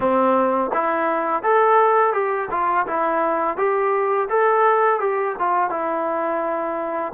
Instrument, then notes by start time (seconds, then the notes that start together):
trombone
0.00 C4
0.73 E4
1.43 A4
2.13 G4
2.50 F4
2.86 E4
3.57 G4
4.29 A4
4.99 G4
5.38 F4
5.69 E4